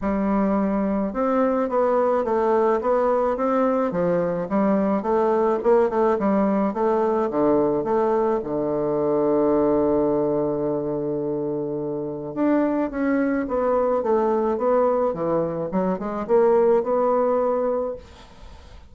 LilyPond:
\new Staff \with { instrumentName = "bassoon" } { \time 4/4 \tempo 4 = 107 g2 c'4 b4 | a4 b4 c'4 f4 | g4 a4 ais8 a8 g4 | a4 d4 a4 d4~ |
d1~ | d2 d'4 cis'4 | b4 a4 b4 e4 | fis8 gis8 ais4 b2 | }